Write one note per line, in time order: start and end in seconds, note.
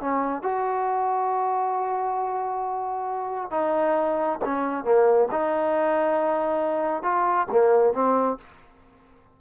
0.00 0.42 C#4
0.42 3.51 F#4
3.51 4.39 D#4
4.45 4.84 C#4
4.84 5.28 A#3
5.31 7.02 D#4
7.02 7.47 F4
7.51 7.93 A#3
7.93 8.37 C4